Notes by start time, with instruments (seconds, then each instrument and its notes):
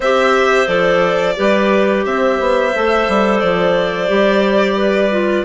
0.00 bassoon C4, clarinet G4 C5, violin E5
0.67 bassoon F3, clarinet A4, violin D5
1.36 bassoon G3, clarinet G4 B4
2.05 bassoon C4, clarinet C5, violin E5
2.39 bassoon B3
2.74 bassoon A3, clarinet A4
3.08 bassoon G3
3.39 bassoon F3, violin D5
4.08 bassoon G3, clarinet G4
4.77 clarinet B4
5.10 clarinet F4